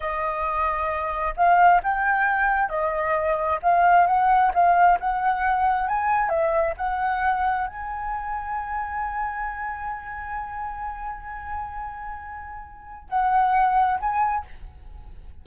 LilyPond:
\new Staff \with { instrumentName = "flute" } { \time 4/4 \tempo 4 = 133 dis''2. f''4 | g''2 dis''2 | f''4 fis''4 f''4 fis''4~ | fis''4 gis''4 e''4 fis''4~ |
fis''4 gis''2.~ | gis''1~ | gis''1~ | gis''4 fis''2 gis''4 | }